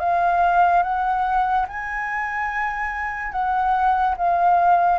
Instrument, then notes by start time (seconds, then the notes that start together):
flute
0.00 F5
0.83 F#5
1.69 G#5
3.32 F#5
4.17 F5